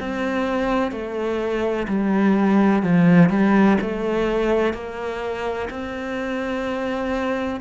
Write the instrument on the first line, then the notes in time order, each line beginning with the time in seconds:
cello
0.00 C4
0.91 A3
1.88 G3
2.83 F3
3.30 G3
3.81 A3
4.74 A#3
5.70 C4